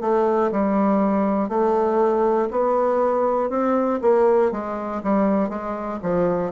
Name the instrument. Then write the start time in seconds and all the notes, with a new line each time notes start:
bassoon
0.00 A3
0.51 G3
1.49 A3
2.50 B3
3.49 C4
4.01 A#3
4.51 G#3
5.03 G3
5.49 G#3
6.02 F3